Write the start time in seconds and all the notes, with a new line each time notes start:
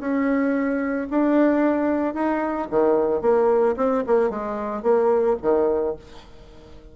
0.00 C#4
1.11 D4
2.14 D#4
2.71 D#3
3.22 A#3
3.77 C4
4.07 A#3
4.30 G#3
4.83 A#3
5.42 D#3